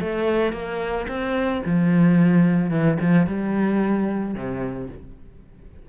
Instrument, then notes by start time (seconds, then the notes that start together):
cello
0.00 A3
0.52 A#3
1.08 C4
1.65 F3
2.70 E3
3.00 F3
3.26 G3
4.34 C3